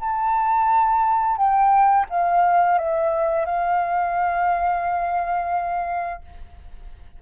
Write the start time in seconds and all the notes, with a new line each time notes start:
0.00 A5
1.37 G5
2.09 F5
2.78 E5
3.46 F5